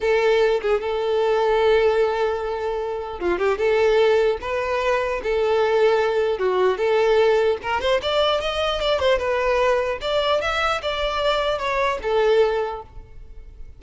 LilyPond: \new Staff \with { instrumentName = "violin" } { \time 4/4 \tempo 4 = 150 a'4. gis'8 a'2~ | a'1 | f'8 g'8 a'2 b'4~ | b'4 a'2. |
fis'4 a'2 ais'8 c''8 | d''4 dis''4 d''8 c''8 b'4~ | b'4 d''4 e''4 d''4~ | d''4 cis''4 a'2 | }